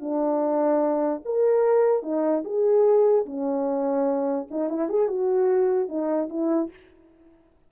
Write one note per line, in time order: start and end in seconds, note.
0.00 1.22 D4
1.25 2.02 A#4
2.02 2.43 D#4
2.44 3.25 G#4
3.25 4.47 C#4
4.50 4.69 D#4
4.69 4.89 E4
4.89 5.07 G#4
5.07 5.88 F#4
5.88 6.29 D#4
6.29 6.70 E4